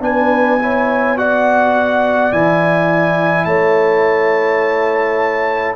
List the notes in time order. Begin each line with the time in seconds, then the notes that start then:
0.00 B3 D4 B4 G#5
0.59 E4 C#5
1.17 F#4 D5 F#5
2.32 E3 E4 G#5
3.45 A3 C#5 A5